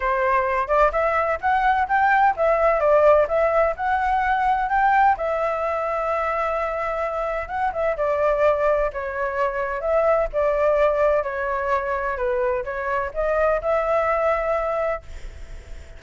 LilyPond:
\new Staff \with { instrumentName = "flute" } { \time 4/4 \tempo 4 = 128 c''4. d''8 e''4 fis''4 | g''4 e''4 d''4 e''4 | fis''2 g''4 e''4~ | e''1 |
fis''8 e''8 d''2 cis''4~ | cis''4 e''4 d''2 | cis''2 b'4 cis''4 | dis''4 e''2. | }